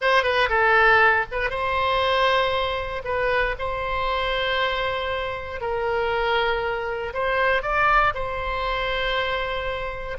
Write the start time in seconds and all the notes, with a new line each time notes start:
0.01 C5
0.23 B4
0.49 A4
1.31 B4
1.50 C5
3.04 B4
3.58 C5
5.60 A#4
7.13 C5
7.62 D5
8.14 C5